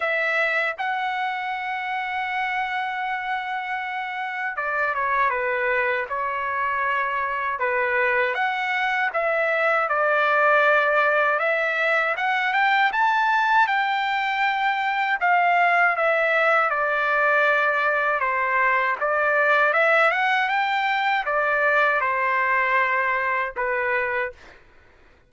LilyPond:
\new Staff \with { instrumentName = "trumpet" } { \time 4/4 \tempo 4 = 79 e''4 fis''2.~ | fis''2 d''8 cis''8 b'4 | cis''2 b'4 fis''4 | e''4 d''2 e''4 |
fis''8 g''8 a''4 g''2 | f''4 e''4 d''2 | c''4 d''4 e''8 fis''8 g''4 | d''4 c''2 b'4 | }